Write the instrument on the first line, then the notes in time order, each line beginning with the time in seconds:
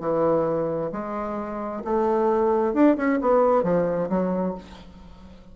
bassoon
0.00 E3
0.92 G#3
1.85 A3
2.74 D4
2.97 C#4
3.21 B3
3.63 F3
4.10 F#3